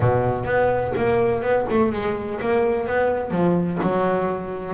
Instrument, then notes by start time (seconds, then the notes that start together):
double bass
0.00 B2
0.44 B3
0.97 A#3
1.42 B3
1.69 A3
1.92 G#3
2.40 A#3
2.87 B3
3.31 F3
3.82 F#3